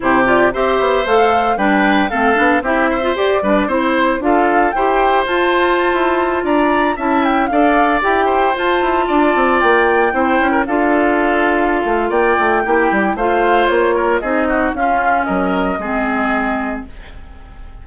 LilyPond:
<<
  \new Staff \with { instrumentName = "flute" } { \time 4/4 \tempo 4 = 114 c''8 d''8 e''4 f''4 g''4 | f''4 e''4 d''4 c''4 | f''4 g''4 a''2~ | a''16 ais''4 a''8 g''8 f''4 g''8.~ |
g''16 a''2 g''4.~ g''16~ | g''16 f''2~ f''8. g''4~ | g''4 f''4 cis''4 dis''4 | f''4 dis''2. | }
  \new Staff \with { instrumentName = "oboe" } { \time 4/4 g'4 c''2 b'4 | a'4 g'8 c''4 b'8 c''4 | a'4 c''2.~ | c''16 d''4 e''4 d''4. c''16~ |
c''4~ c''16 d''2 c''8. | ais'16 a'2~ a'8. d''4 | g'4 c''4. ais'8 gis'8 fis'8 | f'4 ais'4 gis'2 | }
  \new Staff \with { instrumentName = "clarinet" } { \time 4/4 e'8 f'8 g'4 a'4 d'4 | c'8 d'8 e'8. f'16 g'8 d'8 e'4 | f'4 g'4 f'2~ | f'4~ f'16 e'4 a'4 g'8.~ |
g'16 f'2. e'8.~ | e'16 f'2.~ f'8. | e'4 f'2 dis'4 | cis'2 c'2 | }
  \new Staff \with { instrumentName = "bassoon" } { \time 4/4 c4 c'8 b8 a4 g4 | a8 b8 c'4 g'8 g8 c'4 | d'4 e'4 f'4~ f'16 e'8.~ | e'16 d'4 cis'4 d'4 e'8.~ |
e'16 f'8 e'8 d'8 c'8 ais4 c'8 cis'16~ | cis'16 d'2~ d'16 a8 ais8 a8 | ais8 g8 a4 ais4 c'4 | cis'4 fis4 gis2 | }
>>